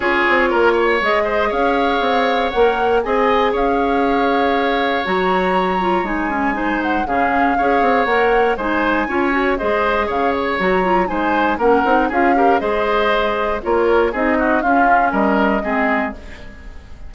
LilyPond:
<<
  \new Staff \with { instrumentName = "flute" } { \time 4/4 \tempo 4 = 119 cis''2 dis''4 f''4~ | f''4 fis''4 gis''4 f''4~ | f''2 ais''2 | gis''4. fis''8 f''2 |
fis''4 gis''2 dis''4 | f''8 cis''8 ais''4 gis''4 fis''4 | f''4 dis''2 cis''4 | dis''4 f''4 dis''2 | }
  \new Staff \with { instrumentName = "oboe" } { \time 4/4 gis'4 ais'8 cis''4 c''8 cis''4~ | cis''2 dis''4 cis''4~ | cis''1~ | cis''4 c''4 gis'4 cis''4~ |
cis''4 c''4 cis''4 c''4 | cis''2 c''4 ais'4 | gis'8 ais'8 c''2 ais'4 | gis'8 fis'8 f'4 ais'4 gis'4 | }
  \new Staff \with { instrumentName = "clarinet" } { \time 4/4 f'2 gis'2~ | gis'4 ais'4 gis'2~ | gis'2 fis'4. f'8 | dis'8 cis'8 dis'4 cis'4 gis'4 |
ais'4 dis'4 f'8 fis'8 gis'4~ | gis'4 fis'8 f'8 dis'4 cis'8 dis'8 | f'8 g'8 gis'2 f'4 | dis'4 cis'2 c'4 | }
  \new Staff \with { instrumentName = "bassoon" } { \time 4/4 cis'8 c'8 ais4 gis4 cis'4 | c'4 ais4 c'4 cis'4~ | cis'2 fis2 | gis2 cis4 cis'8 c'8 |
ais4 gis4 cis'4 gis4 | cis4 fis4 gis4 ais8 c'8 | cis'4 gis2 ais4 | c'4 cis'4 g4 gis4 | }
>>